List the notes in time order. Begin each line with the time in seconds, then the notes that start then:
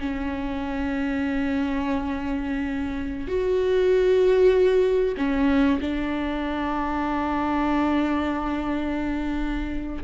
0.00 C#4
3.28 F#4
5.18 C#4
5.82 D4